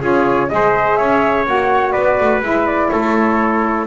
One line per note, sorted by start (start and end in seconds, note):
0.00 0.50 C#4
0.00 0.48 F4
0.00 0.49 G#4
0.00 0.49 C#5
0.49 0.99 G#3
0.49 1.45 G#4
0.49 0.98 C5
0.49 0.96 D#5
0.96 1.46 C#4
0.96 1.92 C#5
0.96 1.44 E5
1.46 1.94 A#3
1.46 2.42 F#4
1.46 1.91 F#5
1.91 2.19 B3
1.91 2.88 B4
1.91 2.39 D5
2.20 2.41 A3
2.41 2.89 G#3
2.41 3.85 E4
2.41 2.66 E5
2.66 2.90 D5
2.90 3.86 A3
2.90 3.86 A4
2.90 3.86 C#5